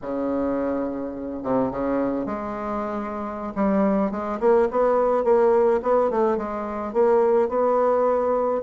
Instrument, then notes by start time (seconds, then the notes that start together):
bassoon
0.02 C#3
1.43 C3
1.70 C#3
2.26 G#3
3.55 G3
4.11 G#3
4.39 A#3
4.70 B3
5.24 A#3
5.82 B3
6.10 A3
6.37 G#3
6.93 A#3
7.48 B3